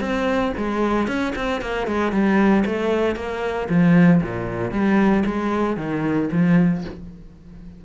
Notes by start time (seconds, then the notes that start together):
0.00 C4
0.57 G#3
1.07 C#4
1.35 C4
1.61 A#3
1.87 G#3
2.12 G3
2.65 A3
3.15 A#3
3.69 F3
4.22 A#2
4.71 G3
5.25 G#3
5.77 D#3
6.32 F3